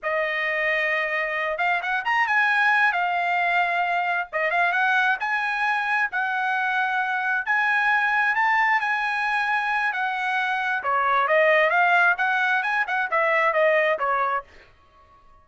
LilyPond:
\new Staff \with { instrumentName = "trumpet" } { \time 4/4 \tempo 4 = 133 dis''2.~ dis''8 f''8 | fis''8 ais''8 gis''4. f''4.~ | f''4. dis''8 f''8 fis''4 gis''8~ | gis''4. fis''2~ fis''8~ |
fis''8 gis''2 a''4 gis''8~ | gis''2 fis''2 | cis''4 dis''4 f''4 fis''4 | gis''8 fis''8 e''4 dis''4 cis''4 | }